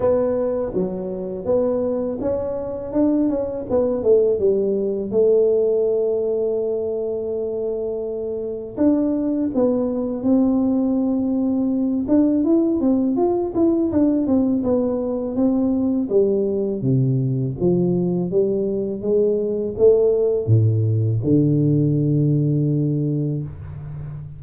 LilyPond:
\new Staff \with { instrumentName = "tuba" } { \time 4/4 \tempo 4 = 82 b4 fis4 b4 cis'4 | d'8 cis'8 b8 a8 g4 a4~ | a1 | d'4 b4 c'2~ |
c'8 d'8 e'8 c'8 f'8 e'8 d'8 c'8 | b4 c'4 g4 c4 | f4 g4 gis4 a4 | a,4 d2. | }